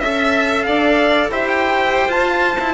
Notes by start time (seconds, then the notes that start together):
0.00 C#4 A4 E5
0.63 D4 D5 F5
1.29 E4 G4 C5 E5
1.49 G5
2.09 F4 A5
2.60 E4